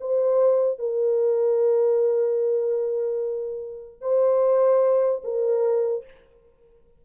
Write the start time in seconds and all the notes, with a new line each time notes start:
0.00 C5
0.79 A#4
4.01 C5
5.24 A#4